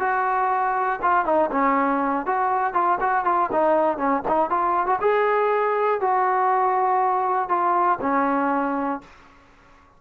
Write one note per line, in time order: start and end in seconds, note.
0.00 1.00 F#4
1.02 1.26 F4
1.26 1.51 D#4
1.52 2.27 C#4
2.27 2.74 F#4
2.74 2.99 F4
3.01 3.25 F#4
3.25 3.50 F4
3.52 3.98 D#4
3.98 4.23 C#4
4.28 4.50 D#4
4.50 4.87 F4
4.87 5.00 F#4
5.01 6.01 G#4
6.01 7.49 F#4
7.49 7.99 F4
8.02 9.02 C#4